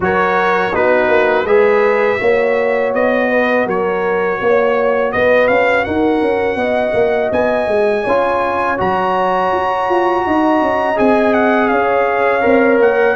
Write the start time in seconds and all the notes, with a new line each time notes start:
0.00 F#3 F#4 A#4 C#5
0.72 B3 D#4 F#4 B4
1.09 A#3
1.43 G#3 G#4 B4 E5
2.18 A#3 F#4 C#5
2.94 B3 D#5
3.30 B4
3.65 F#3 A#4 C#5
4.41 A#3 C#5
5.12 B3 B4 D#5
5.47 C#4 F5
5.84 D#4 A#4 F#5
6.21 C#4
6.55 B3 D#5
6.93 A#3
7.31 B3 G#5
7.67 G#3
8.04 C#4 F4 C#5
8.77 F#3 F#4 A#5
9.53 F#4
9.89 F4
10.26 D#4 D#5
10.61 C#4
10.95 C4 G#4 G#5
11.33 F#5
11.68 C#4 C#5 F5
12.41 C4 A#4
12.79 A#3 F#5